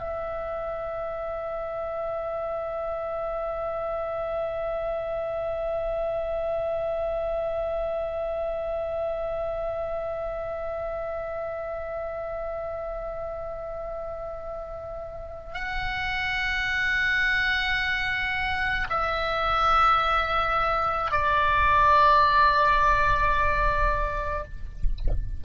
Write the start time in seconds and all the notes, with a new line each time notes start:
0.00 E5
15.55 F#5
18.90 E5
21.12 D5